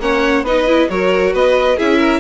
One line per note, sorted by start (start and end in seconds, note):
0.00 0.43 A#3
0.00 0.45 C#4
0.00 0.44 C#5
0.00 0.45 F#5
0.43 0.87 B3
0.43 0.67 D#4
0.43 0.88 B4
0.43 0.89 D#5
0.67 0.89 E4
0.89 1.33 F#3
0.89 1.77 F#4
0.89 1.33 A#4
0.89 1.33 C#5
1.33 1.77 B3
1.33 1.77 B4
1.33 1.78 D#5
1.77 2.20 C#4
1.77 2.20 E4
1.77 1.98 G#4
1.77 2.20 E5
1.98 2.20 A#4